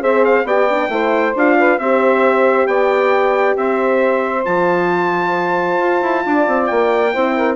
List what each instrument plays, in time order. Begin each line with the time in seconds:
0.00 bassoon C4, horn G#4, saxophone C5, trumpet E5
0.24 trumpet F5
0.44 bassoon B3, horn G4, saxophone D5, trumpet G5
0.70 horn D4
0.88 bassoon A3, horn E4, saxophone C5
1.35 bassoon D4, horn F4, trumpet F5
1.57 saxophone B4
1.78 bassoon C4, horn G4, saxophone C5, trumpet E5
2.66 bassoon B3, saxophone D5, trumpet G5
3.56 bassoon C4, saxophone C5, trumpet E5
4.44 bassoon F3, horn F4, trumpet A5
5.79 bassoon F4
6.01 bassoon E4
6.25 bassoon D4, saxophone D5
6.47 bassoon C4
6.66 bassoon A#3, trumpet G5
7.12 bassoon C4, horn E4, saxophone C5
7.35 saxophone A#4